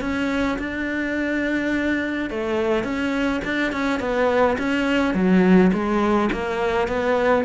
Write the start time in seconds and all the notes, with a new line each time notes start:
0.00 C#4
0.58 D4
2.30 A3
2.83 C#4
3.44 D4
3.72 C#4
3.99 B3
4.58 C#4
5.14 F#3
5.72 G#3
6.32 A#3
6.87 B3